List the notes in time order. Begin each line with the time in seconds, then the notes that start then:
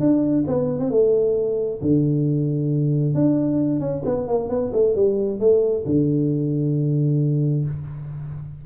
0.00 D4
0.47 B3
0.79 C4
0.91 A3
1.82 D3
3.14 D4
3.80 C#4
4.05 B3
4.28 A#3
4.49 B3
4.73 A3
4.95 G3
5.40 A3
5.86 D3